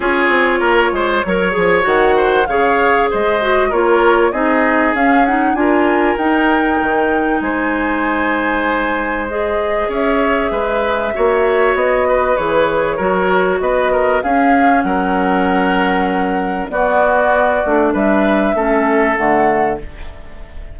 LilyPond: <<
  \new Staff \with { instrumentName = "flute" } { \time 4/4 \tempo 4 = 97 cis''2. fis''4 | f''4 dis''4 cis''4 dis''4 | f''8 fis''8 gis''4 g''2 | gis''2. dis''4 |
e''2. dis''4 | cis''2 dis''4 f''4 | fis''2. d''4~ | d''4 e''2 fis''4 | }
  \new Staff \with { instrumentName = "oboe" } { \time 4/4 gis'4 ais'8 c''8 cis''4. c''8 | cis''4 c''4 ais'4 gis'4~ | gis'4 ais'2. | c''1 |
cis''4 b'4 cis''4. b'8~ | b'4 ais'4 b'8 ais'8 gis'4 | ais'2. fis'4~ | fis'4 b'4 a'2 | }
  \new Staff \with { instrumentName = "clarinet" } { \time 4/4 f'2 ais'8 gis'8 fis'4 | gis'4. fis'8 f'4 dis'4 | cis'8 dis'8 f'4 dis'2~ | dis'2. gis'4~ |
gis'2 fis'2 | gis'4 fis'2 cis'4~ | cis'2. b4~ | b8 d'4. cis'4 a4 | }
  \new Staff \with { instrumentName = "bassoon" } { \time 4/4 cis'8 c'8 ais8 gis8 fis8 f8 dis4 | cis4 gis4 ais4 c'4 | cis'4 d'4 dis'4 dis4 | gis1 |
cis'4 gis4 ais4 b4 | e4 fis4 b4 cis'4 | fis2. b4~ | b8 a8 g4 a4 d4 | }
>>